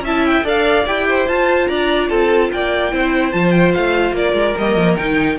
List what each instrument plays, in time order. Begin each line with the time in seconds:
0.00 cello C#4, violin E5
0.06 viola E4, violin A5
0.26 violin G5
0.44 cello D4, viola A4, violin D5 F5
0.86 cello E4, viola G4, violin G5
1.08 violin C5
1.28 cello F4, viola F4, violin A5
1.67 cello D4, violin D5 A#5
2.09 cello C4, violin A4 A5
2.52 cello A#3, violin D5 G5
2.91 cello C4, viola E4, violin C5
3.32 cello F3, viola F4, violin A5
3.51 violin G5
3.74 cello A3, violin F5
4.12 cello A#3, violin A#4 D5
4.33 cello G#3
4.58 cello G3, viola A#3, violin D#5
4.76 cello F3
4.96 cello D#3, viola D#4, violin G5